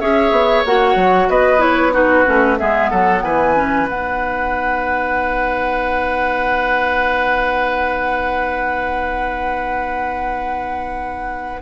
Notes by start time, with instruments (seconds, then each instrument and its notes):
0.00 bassoon C#4, clarinet G#4, oboe C#5, flute E5
0.32 bassoon B3
0.66 bassoon A#3, clarinet F#4, flute F#5
0.96 bassoon F#3
1.29 bassoon B3, oboe B4, flute D#5
1.58 clarinet E4, flute C#5
1.92 clarinet D#4, oboe F#4, flute B4
2.26 bassoon A3, clarinet C#4
2.58 bassoon G#3, clarinet B3, oboe G#4, flute E5
2.90 bassoon F#3, oboe A4, flute F#5
3.23 bassoon E3, oboe B4, flute G#5
3.55 clarinet C#4
3.87 bassoon B3, clarinet D#4, flute F#5